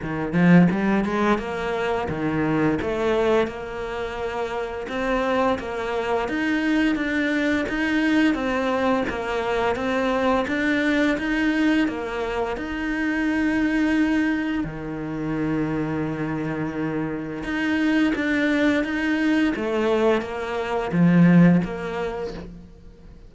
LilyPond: \new Staff \with { instrumentName = "cello" } { \time 4/4 \tempo 4 = 86 dis8 f8 g8 gis8 ais4 dis4 | a4 ais2 c'4 | ais4 dis'4 d'4 dis'4 | c'4 ais4 c'4 d'4 |
dis'4 ais4 dis'2~ | dis'4 dis2.~ | dis4 dis'4 d'4 dis'4 | a4 ais4 f4 ais4 | }